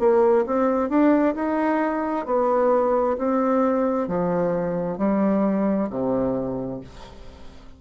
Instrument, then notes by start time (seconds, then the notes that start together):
bassoon
0.00 A#3
0.47 C4
0.90 D4
1.36 D#4
2.26 B3
3.18 C4
4.08 F3
4.98 G3
5.90 C3